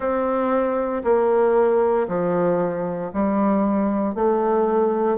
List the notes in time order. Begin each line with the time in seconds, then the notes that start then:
0.00 C4
1.03 A#3
2.08 F3
3.13 G3
4.14 A3